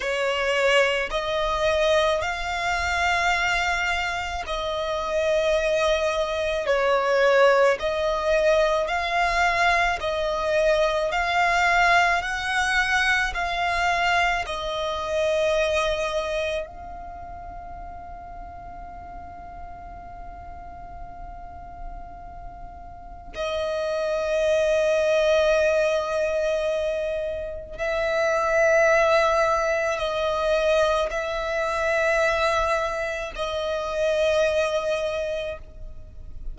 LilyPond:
\new Staff \with { instrumentName = "violin" } { \time 4/4 \tempo 4 = 54 cis''4 dis''4 f''2 | dis''2 cis''4 dis''4 | f''4 dis''4 f''4 fis''4 | f''4 dis''2 f''4~ |
f''1~ | f''4 dis''2.~ | dis''4 e''2 dis''4 | e''2 dis''2 | }